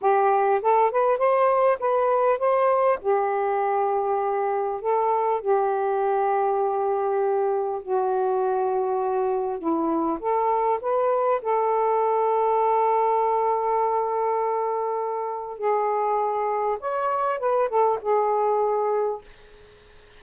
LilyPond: \new Staff \with { instrumentName = "saxophone" } { \time 4/4 \tempo 4 = 100 g'4 a'8 b'8 c''4 b'4 | c''4 g'2. | a'4 g'2.~ | g'4 fis'2. |
e'4 a'4 b'4 a'4~ | a'1~ | a'2 gis'2 | cis''4 b'8 a'8 gis'2 | }